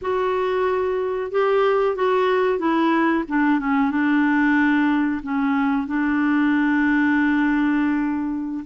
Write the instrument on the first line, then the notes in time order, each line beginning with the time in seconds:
clarinet
0.01 F#4
1.31 G4
1.95 F#4
2.58 E4
3.28 D4
3.59 C#4
3.90 D4
5.23 C#4
5.87 D4